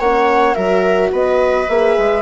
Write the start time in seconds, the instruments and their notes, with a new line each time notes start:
0.00 bassoon A#3, horn C#4, viola C#5, flute F#5
0.55 bassoon F#3, horn F#4, viola A#4, flute E5
1.12 bassoon B3, viola B4, flute D#5
1.69 bassoon A#3, horn G#4, flute E5
1.98 bassoon G#3